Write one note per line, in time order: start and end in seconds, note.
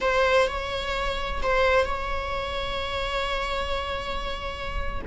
0.00 0.47 C5
0.47 1.41 C#5
1.42 1.85 C5
1.85 5.01 C#5